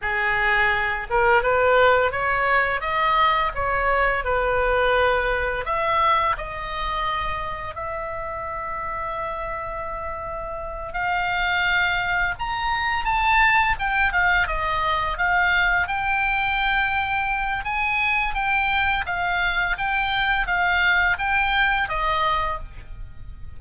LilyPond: \new Staff \with { instrumentName = "oboe" } { \time 4/4 \tempo 4 = 85 gis'4. ais'8 b'4 cis''4 | dis''4 cis''4 b'2 | e''4 dis''2 e''4~ | e''2.~ e''8 f''8~ |
f''4. ais''4 a''4 g''8 | f''8 dis''4 f''4 g''4.~ | g''4 gis''4 g''4 f''4 | g''4 f''4 g''4 dis''4 | }